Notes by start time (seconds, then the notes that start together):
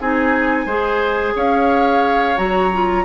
0.00 C4 D#4 G#4 G#5
0.65 G#3 G#4 C5
1.35 C#4 C#5 F5
2.36 F#3 F#4 A#5
2.73 F4